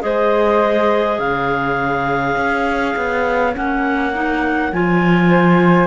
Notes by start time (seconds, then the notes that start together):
0.00 G#3 G#4 C5 D#5
1.19 C#3 C#5 F5
2.36 C#4
2.96 B3
3.54 A#3 C#4 F#5
4.13 D#4
4.72 F3 F4 G#5
5.30 C5